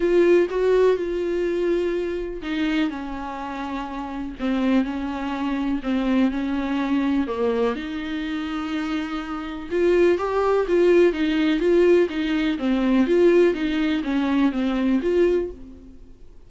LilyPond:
\new Staff \with { instrumentName = "viola" } { \time 4/4 \tempo 4 = 124 f'4 fis'4 f'2~ | f'4 dis'4 cis'2~ | cis'4 c'4 cis'2 | c'4 cis'2 ais4 |
dis'1 | f'4 g'4 f'4 dis'4 | f'4 dis'4 c'4 f'4 | dis'4 cis'4 c'4 f'4 | }